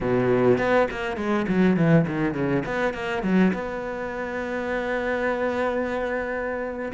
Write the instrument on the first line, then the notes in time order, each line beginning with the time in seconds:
cello
0.00 B2
0.58 B3
0.91 A#3
1.16 G#3
1.48 F#3
1.76 E3
2.07 D#3
2.34 C#3
2.65 B3
2.93 A#3
3.22 F#3
3.53 B3